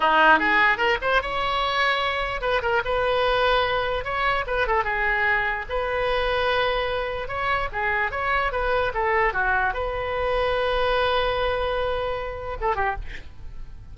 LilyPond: \new Staff \with { instrumentName = "oboe" } { \time 4/4 \tempo 4 = 148 dis'4 gis'4 ais'8 c''8 cis''4~ | cis''2 b'8 ais'8 b'4~ | b'2 cis''4 b'8 a'8 | gis'2 b'2~ |
b'2 cis''4 gis'4 | cis''4 b'4 a'4 fis'4 | b'1~ | b'2. a'8 g'8 | }